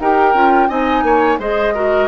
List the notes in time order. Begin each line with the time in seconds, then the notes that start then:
0.00 D#4 G4 A#4 G5
0.34 C#4 F4
0.69 C4 D#4 D#5 G#5
1.03 A#3 C#5
1.39 G#3 G#4 C5 D#5
1.74 F#4 A#4